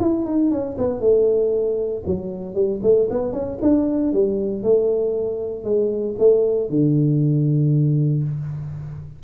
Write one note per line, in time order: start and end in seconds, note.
0.00 0.26 E4
0.26 0.51 D#4
0.51 0.77 C#4
0.78 1.00 B3
1.00 2.03 A3
2.06 2.55 F#3
2.55 2.80 G3
2.83 3.08 A3
3.10 3.33 B3
3.33 3.59 C#4
3.62 4.13 D4
4.13 4.63 G3
4.63 5.64 A3
5.64 6.15 G#3
6.19 6.70 A3
6.70 8.24 D3